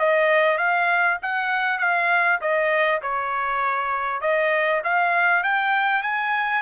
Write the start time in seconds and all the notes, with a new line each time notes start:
0.00 D#5
0.58 F5
1.23 F#5
1.79 F5
2.41 D#5
3.02 C#5
4.22 D#5
4.84 F5
5.44 G5
6.03 G#5